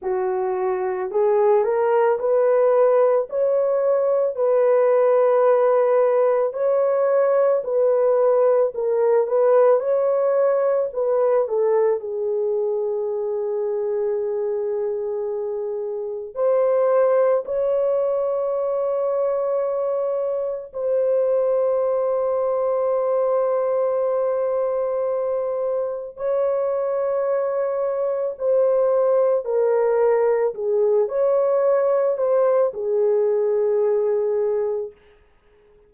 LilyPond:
\new Staff \with { instrumentName = "horn" } { \time 4/4 \tempo 4 = 55 fis'4 gis'8 ais'8 b'4 cis''4 | b'2 cis''4 b'4 | ais'8 b'8 cis''4 b'8 a'8 gis'4~ | gis'2. c''4 |
cis''2. c''4~ | c''1 | cis''2 c''4 ais'4 | gis'8 cis''4 c''8 gis'2 | }